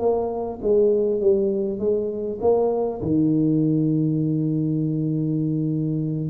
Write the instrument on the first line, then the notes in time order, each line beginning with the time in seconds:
tuba
0.00 A#3
0.62 G#3
1.21 G3
1.79 G#3
2.42 A#3
3.02 D#3